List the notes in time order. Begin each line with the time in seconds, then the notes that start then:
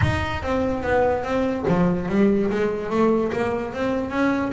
0.01 D#4
0.42 C4
0.83 B3
1.23 C4
1.67 F3
2.08 G3
2.50 G#3
2.90 A3
3.32 A#3
3.73 C4
4.10 C#4